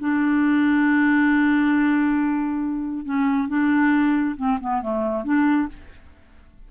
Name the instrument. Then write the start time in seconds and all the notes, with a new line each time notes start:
clarinet
0.00 D4
3.05 C#4
3.48 D4
4.37 C4
4.61 B3
4.82 A3
5.24 D4